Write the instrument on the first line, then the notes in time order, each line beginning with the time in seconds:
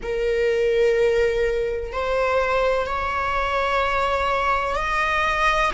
viola
0.02 A#4
1.92 C5
2.86 C#5
4.75 D#5